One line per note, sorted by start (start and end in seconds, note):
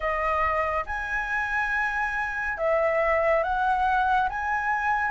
0.00 0.84 D#5
0.86 2.57 G#5
2.57 3.43 E5
3.43 4.29 F#5
4.29 5.11 G#5